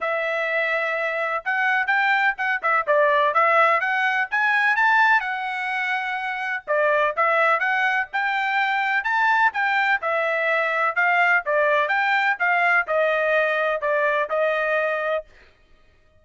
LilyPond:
\new Staff \with { instrumentName = "trumpet" } { \time 4/4 \tempo 4 = 126 e''2. fis''4 | g''4 fis''8 e''8 d''4 e''4 | fis''4 gis''4 a''4 fis''4~ | fis''2 d''4 e''4 |
fis''4 g''2 a''4 | g''4 e''2 f''4 | d''4 g''4 f''4 dis''4~ | dis''4 d''4 dis''2 | }